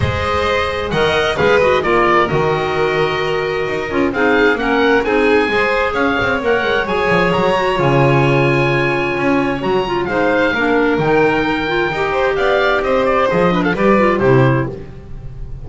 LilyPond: <<
  \new Staff \with { instrumentName = "oboe" } { \time 4/4 \tempo 4 = 131 dis''2 fis''4 f''8 dis''8 | d''4 dis''2.~ | dis''4 f''4 fis''4 gis''4~ | gis''4 f''4 fis''4 gis''4 |
ais''4 gis''2.~ | gis''4 ais''4 f''2 | g''2. f''4 | dis''8 d''8 dis''8. f''16 d''4 c''4 | }
  \new Staff \with { instrumentName = "violin" } { \time 4/4 c''2 dis''4 b'4 | ais'1~ | ais'4 gis'4 ais'4 gis'4 | c''4 cis''2.~ |
cis''1~ | cis''2 c''4 ais'4~ | ais'2~ ais'8 c''8 d''4 | c''4. b'16 a'16 b'4 g'4 | }
  \new Staff \with { instrumentName = "clarinet" } { \time 4/4 gis'2 ais'4 gis'8 fis'8 | f'4 fis'2.~ | fis'8 f'8 dis'4 cis'4 dis'4 | gis'2 ais'4 gis'4~ |
gis'8 fis'8 f'2.~ | f'4 fis'8 f'8 dis'4 d'4 | dis'4. f'8 g'2~ | g'4 gis'8 d'8 g'8 f'8 e'4 | }
  \new Staff \with { instrumentName = "double bass" } { \time 4/4 gis2 dis4 gis4 | ais4 dis2. | dis'8 cis'8 c'4 ais4 c'4 | gis4 cis'8 c'8 ais8 gis8 fis8 f8 |
fis4 cis2. | cis'4 fis4 gis4 ais4 | dis2 dis'4 b4 | c'4 f4 g4 c4 | }
>>